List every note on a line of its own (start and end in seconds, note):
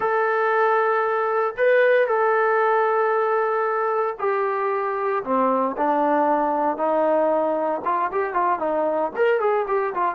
0.00 1.54 A4
1.57 2.07 B4
2.07 4.15 A4
4.19 5.23 G4
5.24 5.76 C4
5.77 6.77 D4
6.77 7.81 D#4
7.85 8.11 F4
8.11 8.33 G4
8.33 8.59 F4
8.59 9.11 D#4
9.16 9.39 A#4
9.39 9.65 G#4
9.67 9.93 G4
9.94 10.15 F4